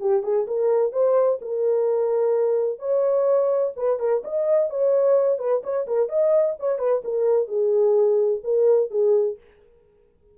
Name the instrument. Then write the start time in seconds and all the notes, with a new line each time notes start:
horn
0.00 G4
0.23 G#4
0.47 A#4
0.92 C5
1.41 A#4
2.79 C#5
3.76 B4
3.99 A#4
4.24 D#5
4.70 C#5
5.39 B4
5.63 C#5
5.87 A#4
6.09 D#5
6.59 C#5
6.79 B4
7.04 A#4
7.48 G#4
8.44 A#4
8.91 G#4